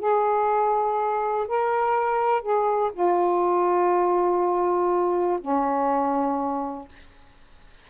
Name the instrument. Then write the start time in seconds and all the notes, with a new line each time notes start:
saxophone
0.00 G#4
1.48 A#4
2.43 G#4
2.94 F4
5.41 C#4